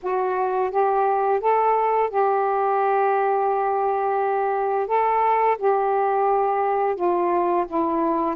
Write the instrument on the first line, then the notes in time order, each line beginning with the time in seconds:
saxophone
0.02 F#4
0.70 G4
1.40 A4
2.10 G4
4.87 A4
5.58 G4
6.95 F4
7.67 E4